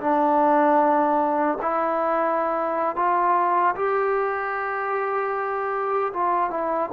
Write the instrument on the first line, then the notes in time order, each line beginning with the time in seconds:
trombone
0.00 D4
1.61 E4
2.96 F4
3.75 G4
6.13 F4
6.50 E4